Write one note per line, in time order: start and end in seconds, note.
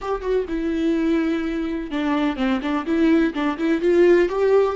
0.01 0.21 G4
0.21 0.45 F#4
0.48 1.90 E4
1.90 2.36 D4
2.36 2.60 C4
2.61 2.85 D4
2.85 3.33 E4
3.33 3.57 D4
3.58 3.81 E4
3.81 4.28 F4
4.29 4.76 G4